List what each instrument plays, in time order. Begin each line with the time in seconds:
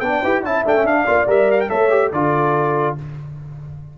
0.00 tuba B3, trombone D4, horn D5, trumpet G5
0.21 tuba E4, trombone G4, horn B4
0.43 tuba C#4, trombone E4, horn E5, trumpet A5
0.65 tuba A3, trombone D4, trumpet G5
0.76 trombone C#4
0.84 tuba D4, trombone D4, trumpet F5
1.03 tuba A#3, trombone F4, horn D5
1.27 tuba G3, trombone A#4, trumpet E5
1.51 trumpet F5
1.61 trumpet G5
1.69 tuba A3, trombone A4, horn C#5, trumpet E5
1.90 trombone G4
2.12 tuba D3, trombone F4, horn A4, trumpet D5